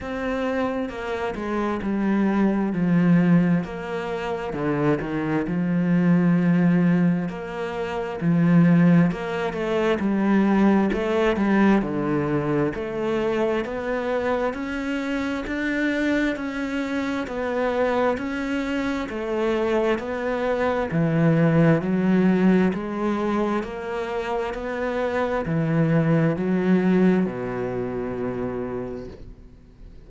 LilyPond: \new Staff \with { instrumentName = "cello" } { \time 4/4 \tempo 4 = 66 c'4 ais8 gis8 g4 f4 | ais4 d8 dis8 f2 | ais4 f4 ais8 a8 g4 | a8 g8 d4 a4 b4 |
cis'4 d'4 cis'4 b4 | cis'4 a4 b4 e4 | fis4 gis4 ais4 b4 | e4 fis4 b,2 | }